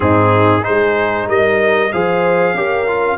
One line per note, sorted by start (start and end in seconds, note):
0.00 0.61 G#2
0.00 0.60 C4
0.00 0.65 D#4
0.00 0.63 G#4
0.61 1.88 D#4
0.61 1.28 G#4
0.61 1.27 C5
0.69 1.28 G#3
1.28 1.92 G3
1.28 1.92 A#4
1.28 1.92 D#5
1.92 2.53 F3
1.92 2.55 G#4
1.92 2.56 C5
1.92 3.17 F5
2.53 3.17 C#4
2.53 2.87 G4
2.53 3.17 A#4
2.87 3.17 F4